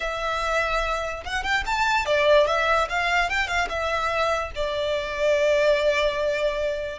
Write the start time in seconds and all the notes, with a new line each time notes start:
0.00 E5
1.25 F#5
1.43 G5
1.66 A5
2.05 D5
2.47 E5
2.89 F5
3.29 G5
3.47 F5
3.69 E5
4.55 D5